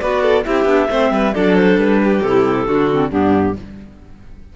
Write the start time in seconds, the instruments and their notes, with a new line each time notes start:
0.00 cello B3, clarinet F#4 D5, violin B4
0.22 violin A4
0.43 cello C4, clarinet E4 E5, violin G4
0.64 cello B3, clarinet D4
0.90 cello A3, clarinet C4, violin C5
1.11 cello G3, violin B4
1.34 cello F#3, clarinet D4 D5, violin A4
1.56 clarinet C5
1.77 cello G3, clarinet B4
2.04 violin G4
2.22 cello C3, clarinet E4 A4
2.67 cello D3, clarinet D4, violin F#4
2.91 clarinet C4
3.10 cello G2, clarinet B3 G4, violin D4